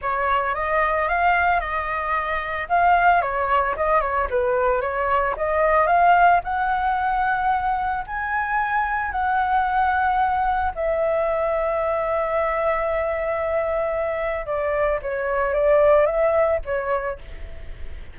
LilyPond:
\new Staff \with { instrumentName = "flute" } { \time 4/4 \tempo 4 = 112 cis''4 dis''4 f''4 dis''4~ | dis''4 f''4 cis''4 dis''8 cis''8 | b'4 cis''4 dis''4 f''4 | fis''2. gis''4~ |
gis''4 fis''2. | e''1~ | e''2. d''4 | cis''4 d''4 e''4 cis''4 | }